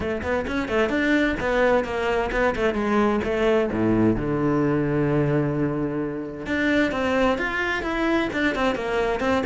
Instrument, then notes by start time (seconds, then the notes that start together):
cello
0.00 A3
0.22 B3
0.47 C#4
0.68 A3
0.89 D4
1.40 B3
1.84 A#3
2.31 B3
2.55 A3
2.74 G#3
3.23 A3
3.72 A2
4.16 D3
6.46 D4
6.91 C4
7.38 F4
7.83 E4
8.32 D4
8.55 C4
8.75 A#3
9.20 C4